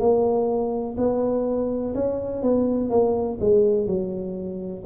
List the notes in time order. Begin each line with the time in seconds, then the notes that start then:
0.00 A#3
0.98 B3
1.95 C#4
2.42 B3
2.90 A#3
3.40 G#3
3.87 F#3